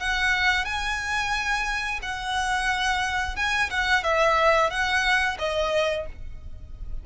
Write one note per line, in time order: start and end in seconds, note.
0.00 0.65 F#5
0.65 2.00 G#5
2.03 3.36 F#5
3.36 3.70 G#5
3.70 4.04 F#5
4.04 4.70 E5
4.70 5.38 F#5
5.39 6.06 D#5